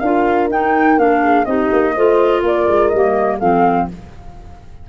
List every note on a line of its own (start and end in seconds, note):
0.00 0.50 D4
0.00 0.51 F4
0.00 1.21 A#4
0.00 0.48 F5
0.50 0.98 D#4
0.50 0.99 G5
0.98 1.46 A#3
0.98 1.46 D4
0.98 1.45 F5
1.23 1.47 G#4
1.45 1.70 C4
1.45 1.95 D#4
1.45 1.95 G4
1.45 2.42 D#5
1.73 1.97 A#3
1.95 2.43 A3
1.95 2.93 F4
1.95 2.43 C5
2.43 2.67 A#3
2.43 3.39 A#4
2.43 2.89 D5
2.68 2.92 G#3
2.89 3.41 G3
2.89 3.41 A#3
2.89 3.37 D#5
3.39 3.90 F3
3.39 3.89 C4
3.39 3.88 A4
3.39 3.88 F5